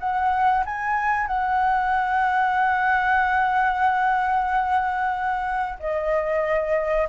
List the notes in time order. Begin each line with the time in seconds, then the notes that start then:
0.00 F#5
0.66 G#5
1.27 F#5
5.79 D#5